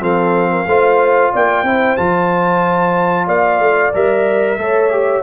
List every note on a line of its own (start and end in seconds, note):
0.00 0.65 F3
0.00 0.65 C4
0.00 0.50 A4
0.00 1.34 F5
0.51 0.67 A#4
0.66 1.32 A3
0.66 1.65 F4
0.66 1.32 C5
1.32 1.63 A#3
1.32 1.65 D5
1.32 1.96 G5
1.63 1.95 C4
1.63 1.97 E4
1.63 3.25 C5
1.96 3.27 F3
1.96 3.92 F4
1.96 3.27 A5
3.25 3.59 A#3
3.25 4.55 D5
3.25 3.93 F5
3.59 3.92 A3
3.93 4.57 G3
3.93 4.58 A#4
3.93 5.23 E5
4.57 5.22 A3
4.57 4.91 A4
4.57 5.23 C#5
4.91 5.23 G4